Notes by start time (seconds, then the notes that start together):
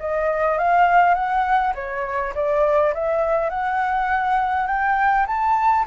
0.00 D#5
0.58 F5
1.15 F#5
1.75 C#5
2.35 D5
2.94 E5
3.50 F#5
4.67 G5
5.27 A5